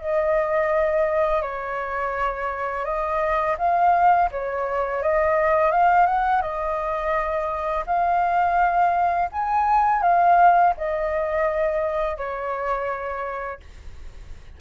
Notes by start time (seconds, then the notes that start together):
0.00 D#5
1.42 C#5
2.84 D#5
3.58 F5
4.31 C#5
5.02 D#5
5.71 F5
6.06 F#5
6.41 D#5
7.86 F5
9.31 G#5
10.02 F5
10.77 D#5
12.17 C#5